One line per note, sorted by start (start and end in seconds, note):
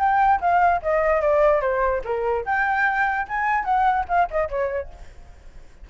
0.00 0.41 G5
0.41 0.82 F5
0.83 1.22 D#5
1.22 1.61 D5
1.61 2.02 C5
2.05 2.46 A#4
2.46 3.28 G5
3.29 3.65 G#5
3.65 4.05 F#5
4.09 4.29 F5
4.31 4.50 D#5
4.50 4.90 C#5